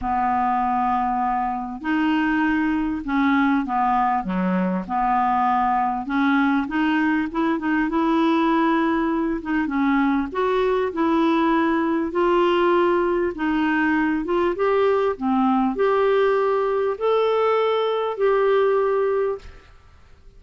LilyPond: \new Staff \with { instrumentName = "clarinet" } { \time 4/4 \tempo 4 = 99 b2. dis'4~ | dis'4 cis'4 b4 fis4 | b2 cis'4 dis'4 | e'8 dis'8 e'2~ e'8 dis'8 |
cis'4 fis'4 e'2 | f'2 dis'4. f'8 | g'4 c'4 g'2 | a'2 g'2 | }